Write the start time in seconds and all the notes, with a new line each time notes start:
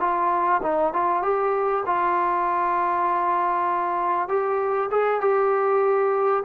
0.00 F4
0.62 D#4
0.93 F4
1.22 G4
1.86 F4
4.28 G4
4.91 G#4
5.21 G4